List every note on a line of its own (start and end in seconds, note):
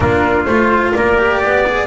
0.00 0.45 A#3
0.00 0.47 D4
0.00 0.95 F4
0.00 0.44 A#4
0.44 0.92 A3
0.44 1.17 F4
0.44 0.92 C5
0.93 1.43 A#3
0.93 1.40 A#4
0.93 1.87 D5
1.17 1.65 G4
1.40 1.87 B3
1.40 1.87 D5
1.66 1.87 G#4